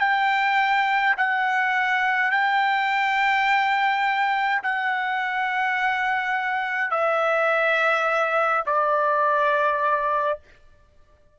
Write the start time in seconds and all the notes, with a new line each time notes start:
0.00 G5
1.17 F#5
2.31 G5
4.63 F#5
6.91 E5
8.66 D5